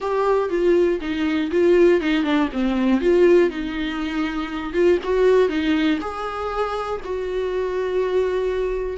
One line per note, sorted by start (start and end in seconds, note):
0.00 0.49 G4
0.49 0.99 F4
1.00 1.50 D#4
1.51 2.00 F4
2.00 2.23 D#4
2.23 2.48 D4
2.52 3.00 C4
3.00 3.50 F4
3.50 4.73 D#4
4.73 4.98 F4
5.03 5.49 F#4
5.49 5.99 D#4
6.00 7.00 G#4
7.04 8.97 F#4